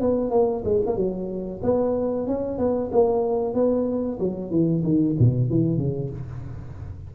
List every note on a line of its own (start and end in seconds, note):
0.00 0.30 B3
0.30 0.62 A#3
0.64 0.80 G#3
0.86 0.96 A#3
0.96 1.60 F#3
1.62 2.26 B3
2.26 2.58 C#4
2.58 2.90 B3
2.91 3.54 A#3
3.54 4.18 B3
4.19 4.50 F#3
4.50 4.82 E3
4.83 5.15 D#3
5.19 5.49 B2
5.49 5.77 E3
5.77 6.09 C#3